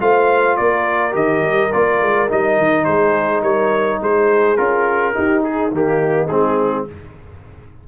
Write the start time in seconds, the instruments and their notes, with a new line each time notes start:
0.00 tuba A3, trombone F4, horn C5, trumpet F5
0.57 tuba A#3, horn A#4, trumpet D5
1.12 tuba D#3, trombone G4, trumpet D#5
1.42 tuba G3
1.72 tuba A#3, trombone F4, trumpet D5
2.02 tuba G#3
2.29 tuba G3, trombone D#4, trumpet D#5
2.58 tuba D#3
2.85 tuba G#3, horn G#4, trumpet C5
3.42 tuba G3, horn A#4, trumpet C#5
4.01 tuba G#3, horn G#4, trumpet C5
4.57 tuba C#4, trombone F4, trumpet A#4
5.14 trombone D#4, tuba D#4, horn G4
5.43 horn G#4, trumpet G#4
5.72 tuba D#3, trombone A#3, horn D#4, trumpet G4
6.27 tuba G#3, trombone C4, trumpet G#4